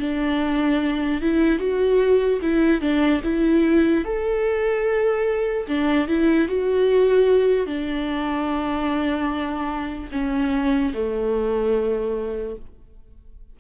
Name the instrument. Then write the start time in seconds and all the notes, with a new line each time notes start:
viola
0.00 D4
1.22 E4
1.59 F#4
2.43 E4
2.81 D4
3.24 E4
4.05 A4
5.68 D4
6.08 E4
6.48 F#4
7.67 D4
10.12 C#4
10.94 A3